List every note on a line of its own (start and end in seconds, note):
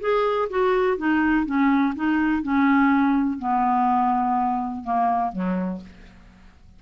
0.00 0.48 G#4
0.49 0.97 F#4
0.97 1.46 D#4
1.46 1.94 C#4
1.96 2.43 D#4
2.43 3.39 C#4
3.39 4.84 B3
4.84 5.32 A#3
5.32 5.81 F#3